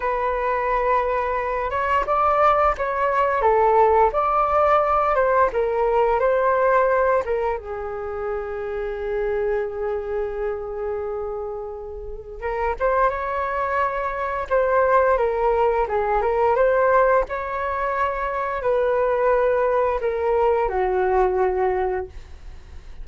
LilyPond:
\new Staff \with { instrumentName = "flute" } { \time 4/4 \tempo 4 = 87 b'2~ b'8 cis''8 d''4 | cis''4 a'4 d''4. c''8 | ais'4 c''4. ais'8 gis'4~ | gis'1~ |
gis'2 ais'8 c''8 cis''4~ | cis''4 c''4 ais'4 gis'8 ais'8 | c''4 cis''2 b'4~ | b'4 ais'4 fis'2 | }